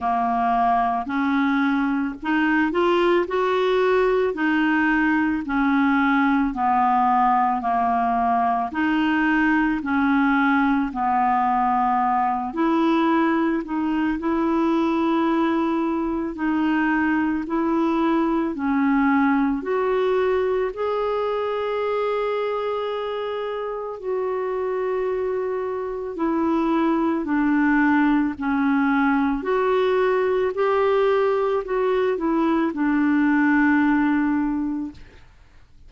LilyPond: \new Staff \with { instrumentName = "clarinet" } { \time 4/4 \tempo 4 = 55 ais4 cis'4 dis'8 f'8 fis'4 | dis'4 cis'4 b4 ais4 | dis'4 cis'4 b4. e'8~ | e'8 dis'8 e'2 dis'4 |
e'4 cis'4 fis'4 gis'4~ | gis'2 fis'2 | e'4 d'4 cis'4 fis'4 | g'4 fis'8 e'8 d'2 | }